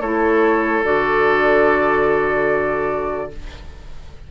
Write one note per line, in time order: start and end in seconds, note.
0.00 0.82 A3
0.00 0.83 E4
0.00 3.29 A4
0.00 0.83 C#5
0.83 3.30 D3
0.83 3.30 F#4
0.83 3.31 D5